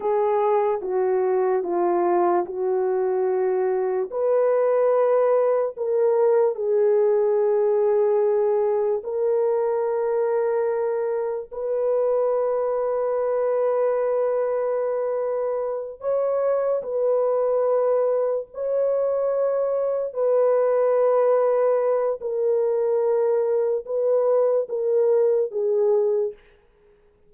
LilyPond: \new Staff \with { instrumentName = "horn" } { \time 4/4 \tempo 4 = 73 gis'4 fis'4 f'4 fis'4~ | fis'4 b'2 ais'4 | gis'2. ais'4~ | ais'2 b'2~ |
b'2.~ b'8 cis''8~ | cis''8 b'2 cis''4.~ | cis''8 b'2~ b'8 ais'4~ | ais'4 b'4 ais'4 gis'4 | }